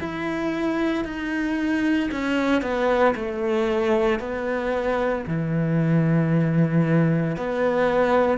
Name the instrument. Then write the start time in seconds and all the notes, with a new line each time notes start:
cello
0.00 E4
1.05 D#4
2.11 C#4
2.62 B3
3.16 A3
4.20 B3
5.27 E3
7.37 B3